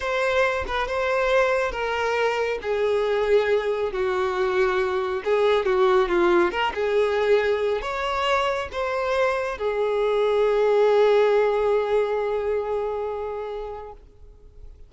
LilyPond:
\new Staff \with { instrumentName = "violin" } { \time 4/4 \tempo 4 = 138 c''4. b'8 c''2 | ais'2 gis'2~ | gis'4 fis'2. | gis'4 fis'4 f'4 ais'8 gis'8~ |
gis'2 cis''2 | c''2 gis'2~ | gis'1~ | gis'1 | }